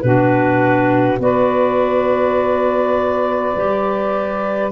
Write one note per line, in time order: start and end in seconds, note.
0.00 1.19 B2
0.00 1.19 D4
0.00 1.20 F#4
0.00 1.18 B4
1.19 3.54 B3
1.19 3.54 F#4
1.19 4.71 B4
1.19 4.71 D5
3.55 4.71 G3
3.55 4.71 G4